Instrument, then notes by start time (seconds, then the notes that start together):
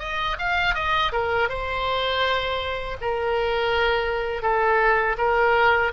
oboe
0.00 D#5
0.39 F5
0.75 D#5
1.13 A#4
1.49 C5
3.01 A#4
4.42 A4
5.19 A#4